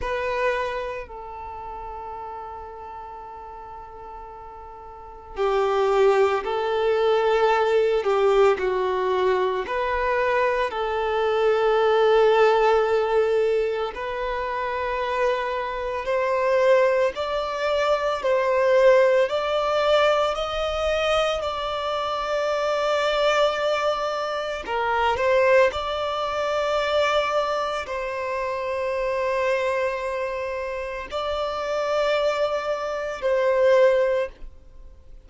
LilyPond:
\new Staff \with { instrumentName = "violin" } { \time 4/4 \tempo 4 = 56 b'4 a'2.~ | a'4 g'4 a'4. g'8 | fis'4 b'4 a'2~ | a'4 b'2 c''4 |
d''4 c''4 d''4 dis''4 | d''2. ais'8 c''8 | d''2 c''2~ | c''4 d''2 c''4 | }